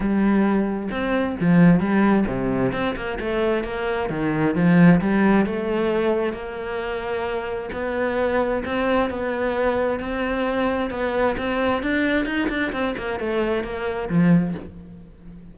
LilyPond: \new Staff \with { instrumentName = "cello" } { \time 4/4 \tempo 4 = 132 g2 c'4 f4 | g4 c4 c'8 ais8 a4 | ais4 dis4 f4 g4 | a2 ais2~ |
ais4 b2 c'4 | b2 c'2 | b4 c'4 d'4 dis'8 d'8 | c'8 ais8 a4 ais4 f4 | }